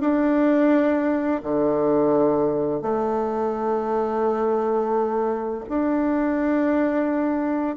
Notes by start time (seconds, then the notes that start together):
0.00 D4
1.42 D3
2.82 A3
5.69 D4